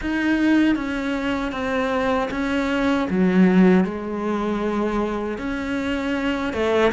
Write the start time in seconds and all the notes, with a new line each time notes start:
0.01 D#4
0.75 C#4
1.52 C4
2.30 C#4
3.10 F#3
3.84 G#3
5.38 C#4
6.53 A3